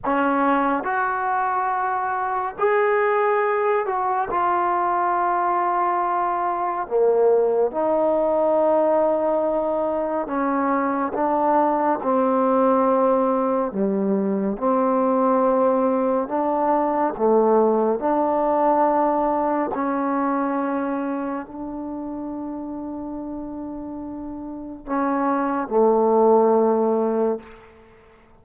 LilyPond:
\new Staff \with { instrumentName = "trombone" } { \time 4/4 \tempo 4 = 70 cis'4 fis'2 gis'4~ | gis'8 fis'8 f'2. | ais4 dis'2. | cis'4 d'4 c'2 |
g4 c'2 d'4 | a4 d'2 cis'4~ | cis'4 d'2.~ | d'4 cis'4 a2 | }